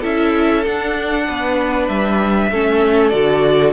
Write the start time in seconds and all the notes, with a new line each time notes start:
0.00 C#4 E4 A4 E5
0.65 D4 F#5
1.27 B3 B4
1.88 G3 E5
2.51 A3 C#4 A4
3.09 D3 F#4 D5